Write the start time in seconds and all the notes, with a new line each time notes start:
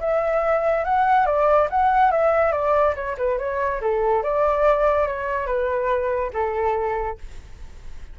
0.00 E5
0.85 F#5
1.26 D5
1.70 F#5
2.11 E5
2.52 D5
2.95 C#5
3.18 B4
3.38 C#5
3.81 A4
4.23 D5
5.07 C#5
5.46 B4
6.33 A4